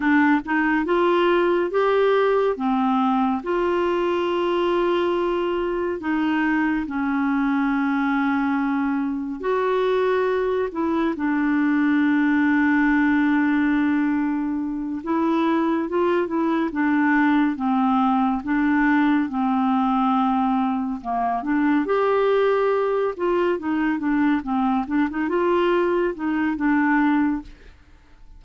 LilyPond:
\new Staff \with { instrumentName = "clarinet" } { \time 4/4 \tempo 4 = 70 d'8 dis'8 f'4 g'4 c'4 | f'2. dis'4 | cis'2. fis'4~ | fis'8 e'8 d'2.~ |
d'4. e'4 f'8 e'8 d'8~ | d'8 c'4 d'4 c'4.~ | c'8 ais8 d'8 g'4. f'8 dis'8 | d'8 c'8 d'16 dis'16 f'4 dis'8 d'4 | }